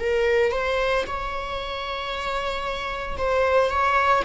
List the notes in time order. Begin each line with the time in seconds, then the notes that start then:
0.00 A#4
0.52 C5
1.07 C#5
3.18 C5
3.70 C#5